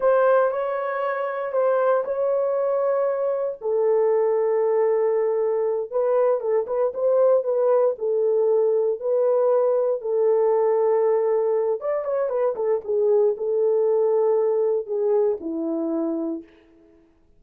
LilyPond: \new Staff \with { instrumentName = "horn" } { \time 4/4 \tempo 4 = 117 c''4 cis''2 c''4 | cis''2. a'4~ | a'2.~ a'8 b'8~ | b'8 a'8 b'8 c''4 b'4 a'8~ |
a'4. b'2 a'8~ | a'2. d''8 cis''8 | b'8 a'8 gis'4 a'2~ | a'4 gis'4 e'2 | }